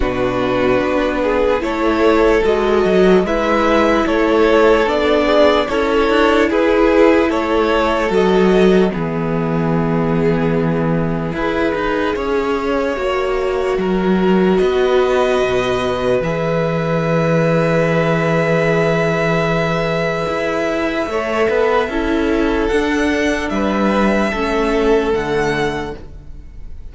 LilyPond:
<<
  \new Staff \with { instrumentName = "violin" } { \time 4/4 \tempo 4 = 74 b'2 cis''4 dis''4 | e''4 cis''4 d''4 cis''4 | b'4 cis''4 dis''4 e''4~ | e''1~ |
e''2 dis''2 | e''1~ | e''1 | fis''4 e''2 fis''4 | }
  \new Staff \with { instrumentName = "violin" } { \time 4/4 fis'4. gis'8 a'2 | b'4 a'4. gis'8 a'4 | gis'4 a'2 gis'4~ | gis'2 b'4 cis''4~ |
cis''4 ais'4 b'2~ | b'1~ | b'2 cis''8 b'8 a'4~ | a'4 b'4 a'2 | }
  \new Staff \with { instrumentName = "viola" } { \time 4/4 d'2 e'4 fis'4 | e'2 d'4 e'4~ | e'2 fis'4 b4~ | b2 gis'2 |
fis'1 | gis'1~ | gis'2 a'4 e'4 | d'2 cis'4 a4 | }
  \new Staff \with { instrumentName = "cello" } { \time 4/4 b,4 b4 a4 gis8 fis8 | gis4 a4 b4 cis'8 d'8 | e'4 a4 fis4 e4~ | e2 e'8 dis'8 cis'4 |
ais4 fis4 b4 b,4 | e1~ | e4 e'4 a8 b8 cis'4 | d'4 g4 a4 d4 | }
>>